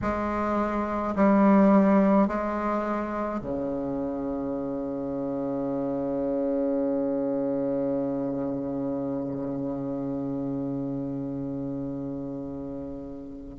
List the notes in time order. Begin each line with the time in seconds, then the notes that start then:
0.01 G#3
1.15 G3
2.27 G#3
3.41 C#3